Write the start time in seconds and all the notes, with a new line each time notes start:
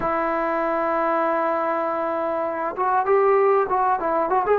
0.00 E4
2.76 F#4
3.05 G4
3.69 F#4
3.99 E4
4.29 F#4
4.45 G#4